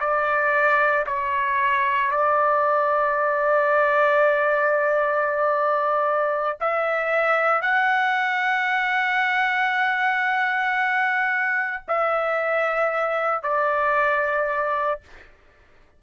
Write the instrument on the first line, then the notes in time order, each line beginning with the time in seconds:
trumpet
0.00 D5
1.07 C#5
2.11 D5
6.61 E5
7.62 F#5
11.88 E5
13.43 D5